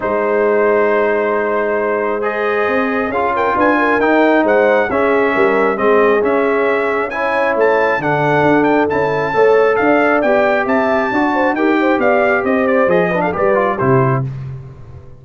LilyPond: <<
  \new Staff \with { instrumentName = "trumpet" } { \time 4/4 \tempo 4 = 135 c''1~ | c''4 dis''2 f''8 g''8 | gis''4 g''4 fis''4 e''4~ | e''4 dis''4 e''2 |
gis''4 a''4 fis''4. g''8 | a''2 f''4 g''4 | a''2 g''4 f''4 | dis''8 d''8 dis''8. f''16 d''4 c''4 | }
  \new Staff \with { instrumentName = "horn" } { \time 4/4 c''1~ | c''2. gis'8 ais'8 | b'8 ais'4. c''4 gis'4 | ais'4 gis'2. |
cis''2 a'2~ | a'4 cis''4 d''2 | e''4 d''8 c''8 ais'8 c''8 d''4 | c''4. b'16 a'16 b'4 g'4 | }
  \new Staff \with { instrumentName = "trombone" } { \time 4/4 dis'1~ | dis'4 gis'2 f'4~ | f'4 dis'2 cis'4~ | cis'4 c'4 cis'2 |
e'2 d'2 | e'4 a'2 g'4~ | g'4 fis'4 g'2~ | g'4 gis'8 d'8 g'8 f'8 e'4 | }
  \new Staff \with { instrumentName = "tuba" } { \time 4/4 gis1~ | gis2 c'4 cis'4 | d'4 dis'4 gis4 cis'4 | g4 gis4 cis'2~ |
cis'4 a4 d4 d'4 | cis'4 a4 d'4 b4 | c'4 d'4 dis'4 b4 | c'4 f4 g4 c4 | }
>>